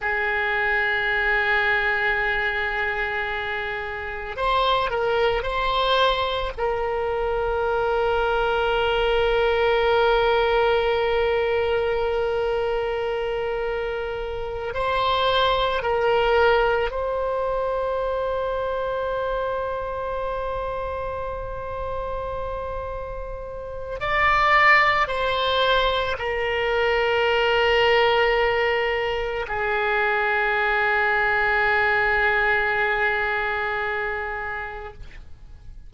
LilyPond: \new Staff \with { instrumentName = "oboe" } { \time 4/4 \tempo 4 = 55 gis'1 | c''8 ais'8 c''4 ais'2~ | ais'1~ | ais'4. c''4 ais'4 c''8~ |
c''1~ | c''2 d''4 c''4 | ais'2. gis'4~ | gis'1 | }